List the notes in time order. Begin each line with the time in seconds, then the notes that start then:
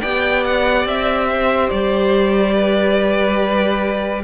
0.00 B3 G4 D5 G5
0.44 F#5
0.85 C4 E5
1.29 C5
1.69 G3 D5
2.53 B4